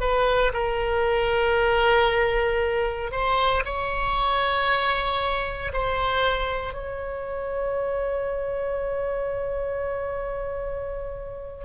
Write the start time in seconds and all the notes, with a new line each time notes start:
0.00 B4
0.53 A#4
3.11 C5
3.65 C#5
5.73 C5
6.73 C#5